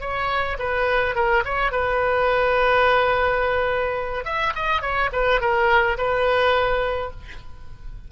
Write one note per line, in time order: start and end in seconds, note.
0.00 0.57 C#5
0.58 1.15 B4
1.15 1.43 A#4
1.45 1.71 C#5
1.71 4.25 B4
4.25 4.53 E5
4.55 4.81 D#5
4.81 5.10 C#5
5.12 5.40 B4
5.40 5.97 A#4
5.97 7.10 B4